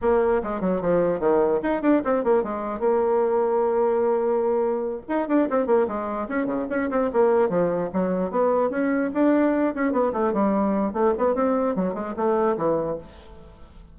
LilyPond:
\new Staff \with { instrumentName = "bassoon" } { \time 4/4 \tempo 4 = 148 ais4 gis8 fis8 f4 dis4 | dis'8 d'8 c'8 ais8 gis4 ais4~ | ais1~ | ais8 dis'8 d'8 c'8 ais8 gis4 cis'8 |
cis8 cis'8 c'8 ais4 f4 fis8~ | fis8 b4 cis'4 d'4. | cis'8 b8 a8 g4. a8 b8 | c'4 fis8 gis8 a4 e4 | }